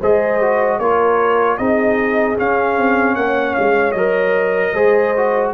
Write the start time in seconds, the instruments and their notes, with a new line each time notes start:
0.00 tuba G#3, trombone G#4, horn C5, trumpet D#5
0.41 trombone F#4
0.79 tuba A#3, trombone F4, horn A#4, trumpet C#5
1.58 tuba C4, trombone D#4, horn G#4, trumpet D#5
2.36 trombone C#4, tuba C#4, trumpet F5
2.78 tuba C4
3.15 tuba A#3, horn C#5, trumpet F#5
3.54 tuba G#3, trumpet F5
3.92 tuba F#3, trombone A#4, trumpet D#5
4.73 tuba G#3, trombone G#4, horn C5
5.16 trombone F#4